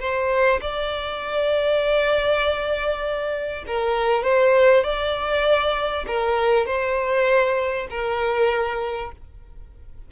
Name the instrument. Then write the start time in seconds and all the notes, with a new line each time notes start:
violin
0.00 C5
0.61 D5
3.67 A#4
4.24 C5
4.84 D5
6.07 A#4
6.66 C5
7.91 A#4